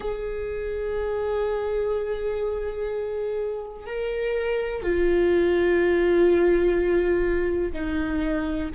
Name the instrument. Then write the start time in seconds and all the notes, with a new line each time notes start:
viola
0.00 G#4
3.86 A#4
4.82 F4
7.72 D#4